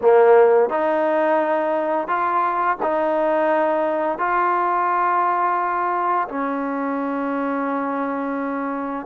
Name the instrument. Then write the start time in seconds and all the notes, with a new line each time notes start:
trombone
0.01 A#3
0.69 D#4
2.07 F4
2.82 D#4
4.18 F4
6.28 C#4